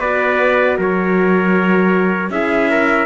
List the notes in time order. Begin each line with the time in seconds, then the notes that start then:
0.00 B3 F#4 B4 D5
0.77 F#3 A#4 C#5
2.30 C#4 E4 G#4 E5
2.70 A#4